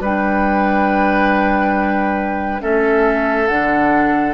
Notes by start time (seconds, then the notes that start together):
0.00 G3 D4 B4 G5
2.60 A3 C#4 A4 E5
3.47 D3 D4 F#5